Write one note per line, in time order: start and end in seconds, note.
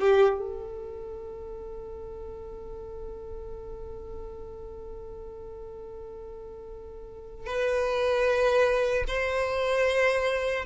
0.00 0.39 G4
0.39 7.47 A4
7.47 9.05 B4
9.08 10.65 C5